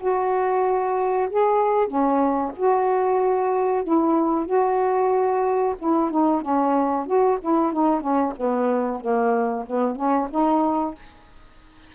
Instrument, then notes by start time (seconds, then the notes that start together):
saxophone
0.00 F#4
1.30 G#4
1.88 C#4
2.57 F#4
3.84 E4
4.46 F#4
5.79 E4
6.11 D#4
6.42 C#4
7.06 F#4
7.41 E4
7.73 D#4
8.01 C#4
8.37 B3
9.01 A#3
9.67 B3
9.96 C#4
10.30 D#4